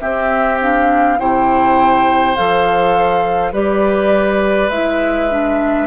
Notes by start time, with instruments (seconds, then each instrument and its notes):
0.00 clarinet C4, bassoon C4, oboe G4, flute E5
0.61 clarinet D4, flute F5
1.19 bassoon C3, clarinet E4, oboe C5, flute G5
2.36 bassoon F3, clarinet A4, flute F5
3.53 bassoon G3, clarinet G4, oboe B4, flute D5
4.70 bassoon G#3, clarinet E4, flute E5
5.30 clarinet D4